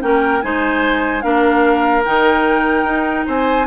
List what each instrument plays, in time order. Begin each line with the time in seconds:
0.00 bassoon A#3, clarinet C#4, oboe A#4, flute G5
0.41 bassoon G#3, clarinet D#4, oboe C5, flute G#5
1.21 bassoon A#3, clarinet D4, oboe A#4, flute F5
2.04 bassoon D#3, clarinet D#4, flute G5
2.84 bassoon D#4
3.26 bassoon C4, oboe C5, flute G#5